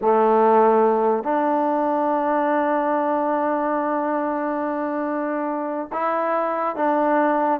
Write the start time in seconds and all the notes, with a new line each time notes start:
0.01 A3
1.23 D4
5.92 E4
6.76 D4